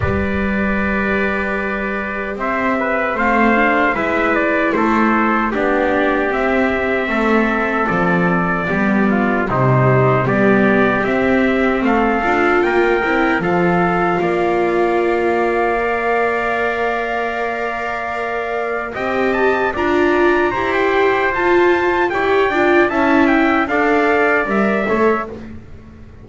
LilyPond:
<<
  \new Staff \with { instrumentName = "trumpet" } { \time 4/4 \tempo 4 = 76 d''2. e''4 | f''4 e''8 d''8 c''4 d''4 | e''2 d''2 | c''4 d''4 e''4 f''4 |
g''4 f''2.~ | f''1 | g''8 a''8 ais''4~ ais''16 g''8. a''4 | g''4 a''8 g''8 f''4 e''4 | }
  \new Staff \with { instrumentName = "trumpet" } { \time 4/4 b'2. c''8 b'8 | c''4 b'4 a'4 g'4~ | g'4 a'2 g'8 f'8 | dis'4 g'2 a'4 |
ais'4 a'4 d''2~ | d''1 | dis''4 d''4 c''2 | cis''8 d''8 e''4 d''4. cis''8 | }
  \new Staff \with { instrumentName = "viola" } { \time 4/4 g'1 | c'8 d'8 e'2 d'4 | c'2. b4 | g4 b4 c'4. f'8~ |
f'8 e'8 f'2. | ais'1 | g'4 f'4 g'4 f'4 | g'8 f'8 e'4 a'4 ais'8 a'8 | }
  \new Staff \with { instrumentName = "double bass" } { \time 4/4 g2. c'4 | a4 gis4 a4 b4 | c'4 a4 f4 g4 | c4 g4 c'4 a8 d'8 |
ais8 c'8 f4 ais2~ | ais1 | c'4 d'4 e'4 f'4 | e'8 d'8 cis'4 d'4 g8 a8 | }
>>